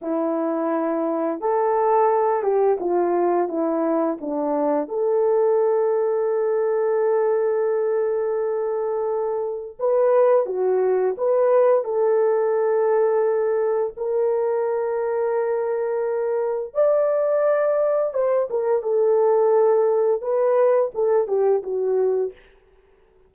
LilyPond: \new Staff \with { instrumentName = "horn" } { \time 4/4 \tempo 4 = 86 e'2 a'4. g'8 | f'4 e'4 d'4 a'4~ | a'1~ | a'2 b'4 fis'4 |
b'4 a'2. | ais'1 | d''2 c''8 ais'8 a'4~ | a'4 b'4 a'8 g'8 fis'4 | }